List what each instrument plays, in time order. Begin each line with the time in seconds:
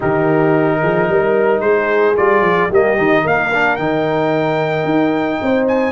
0.00 tuba D#3, trombone D#4, horn G4, trumpet A#4
0.81 tuba F3, horn G#4
1.09 tuba G3, horn A#4
1.59 tuba G#3, horn G#4, trumpet C5
2.15 tuba G3, trombone F4, trumpet D5
2.40 tuba F3
2.70 tuba G3, trombone A#3, horn G4, trumpet D#5
2.96 tuba D#3, trombone D#4
3.21 tuba A#3, horn A#4, trumpet F5
3.53 trombone D4
3.76 tuba D#3, trombone D#4, trumpet G5
4.84 tuba D#4
5.42 tuba C4, horn C5
5.67 trumpet G#5